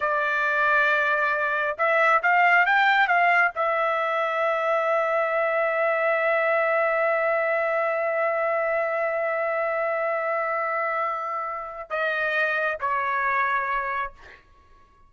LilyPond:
\new Staff \with { instrumentName = "trumpet" } { \time 4/4 \tempo 4 = 136 d''1 | e''4 f''4 g''4 f''4 | e''1~ | e''1~ |
e''1~ | e''1~ | e''2. dis''4~ | dis''4 cis''2. | }